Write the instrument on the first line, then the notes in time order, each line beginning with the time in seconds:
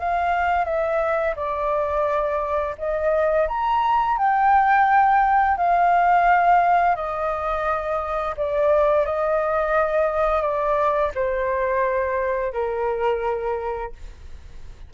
flute
0.00 F5
0.65 E5
1.36 D5
2.78 D#5
3.49 A#5
4.18 G5
5.58 F5
6.96 D#5
8.37 D5
9.06 D#5
10.42 D5
11.15 C5
12.54 A#4